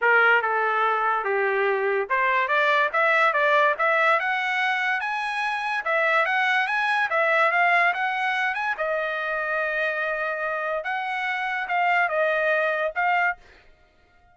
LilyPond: \new Staff \with { instrumentName = "trumpet" } { \time 4/4 \tempo 4 = 144 ais'4 a'2 g'4~ | g'4 c''4 d''4 e''4 | d''4 e''4 fis''2 | gis''2 e''4 fis''4 |
gis''4 e''4 f''4 fis''4~ | fis''8 gis''8 dis''2.~ | dis''2 fis''2 | f''4 dis''2 f''4 | }